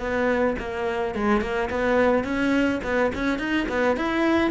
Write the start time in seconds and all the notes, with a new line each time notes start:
0.00 B3
0.59 A#3
1.15 G#3
1.42 A#3
1.71 B3
2.24 C#4
2.84 B3
3.15 C#4
3.39 D#4
3.69 B3
3.97 E4